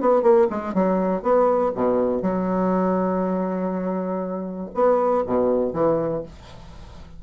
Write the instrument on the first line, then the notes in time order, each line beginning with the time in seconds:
bassoon
0.00 B3
0.22 A#3
0.50 G#3
0.74 F#3
1.22 B3
1.75 B2
2.22 F#3
4.74 B3
5.26 B2
5.73 E3